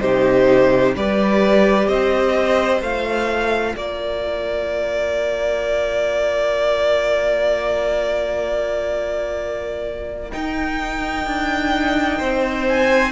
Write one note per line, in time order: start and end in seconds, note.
0.00 0.96 C3
0.00 0.94 D#4
0.00 0.95 G4
0.00 0.94 C5
0.96 1.88 G3
0.96 2.80 G4
0.96 1.88 B4
0.96 1.88 D5
1.88 2.81 C4
1.88 3.74 C5
1.88 2.81 D#5
2.80 3.75 A3
2.80 10.30 F4
2.80 3.75 F5
3.74 10.32 A#3
3.74 12.18 A#4
3.74 10.31 D5
10.31 13.12 D#4
10.31 11.26 D#4
10.31 12.66 G5
11.26 12.20 D4
12.18 13.12 C4
12.18 13.12 C5
12.69 13.12 G#5